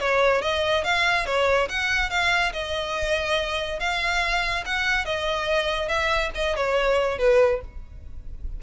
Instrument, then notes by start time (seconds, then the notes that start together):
violin
0.00 C#5
0.42 D#5
0.84 F5
1.26 C#5
1.69 F#5
2.10 F5
2.53 D#5
3.80 F5
4.66 F#5
5.05 D#5
5.88 E5
6.35 D#5
6.56 C#5
7.19 B4